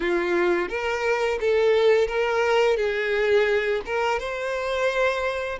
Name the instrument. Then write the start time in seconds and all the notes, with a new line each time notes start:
violin
0.00 F4
0.68 A#4
1.40 A4
2.07 A#4
2.77 G#4
3.85 A#4
4.19 C5